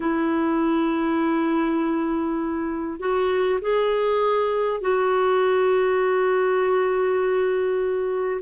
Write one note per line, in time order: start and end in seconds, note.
0.00 2.99 E4
2.99 3.59 F#4
3.61 4.81 G#4
4.81 8.41 F#4